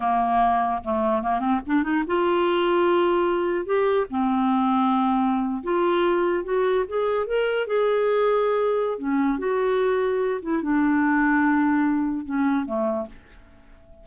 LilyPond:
\new Staff \with { instrumentName = "clarinet" } { \time 4/4 \tempo 4 = 147 ais2 a4 ais8 c'8 | d'8 dis'8 f'2.~ | f'4 g'4 c'2~ | c'4.~ c'16 f'2 fis'16~ |
fis'8. gis'4 ais'4 gis'4~ gis'16~ | gis'2 cis'4 fis'4~ | fis'4. e'8 d'2~ | d'2 cis'4 a4 | }